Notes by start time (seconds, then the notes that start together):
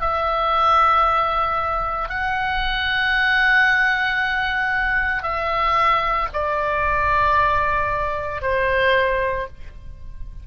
0.00 E5
2.09 F#5
5.22 E5
6.33 D5
8.41 C5